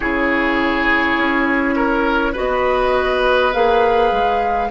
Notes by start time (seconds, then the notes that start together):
0.00 C#3 E4 G#4 C#5
1.17 C#4
1.76 A#4
2.32 F#4 B4 D#5
2.38 B3
3.53 A#3 G#4 F5
4.11 G#3